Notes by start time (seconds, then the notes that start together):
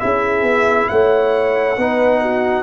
0.00 C#4 E4 G#4 E5
0.42 B3
0.88 A3 C#5 F#5
1.77 B3 D#4 B4
2.22 F#4